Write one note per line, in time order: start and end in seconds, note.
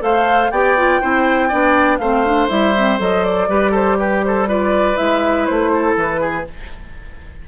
0.00 0.51 A3
0.00 0.50 A4
0.00 0.51 C5
0.00 0.51 F5
0.51 1.01 B3
0.51 0.78 G4
0.51 1.01 D5
0.51 1.99 G5
0.78 1.01 F4
1.01 1.53 C4
1.01 1.51 E4
1.01 1.48 C5
1.48 1.99 B3
1.48 2.00 D4
1.48 1.98 D5
1.99 2.49 A3
1.99 2.26 C4
1.99 3.49 C5
1.99 2.48 F5
2.26 2.49 D4
2.49 2.99 G3
2.49 2.74 E4
2.49 2.99 E5
2.77 2.99 C4
2.99 3.48 F#3
2.99 3.49 A4
2.99 3.24 D#5
3.24 3.74 D5
3.48 4.97 G3
3.48 4.47 G4
3.48 3.71 B4
3.71 3.96 A4
3.71 3.98 C5
3.98 4.24 G4
3.98 4.23 B4
4.24 4.49 A4
4.24 4.49 C5
4.47 4.95 F4
4.47 5.73 B4
4.47 4.97 D5
4.95 5.49 G#3
4.95 6.44 E4
4.95 5.46 E5
5.46 5.96 A3
5.46 5.96 C5
5.73 6.21 A4
5.96 6.46 E3
5.96 6.48 B4
6.21 6.46 G#4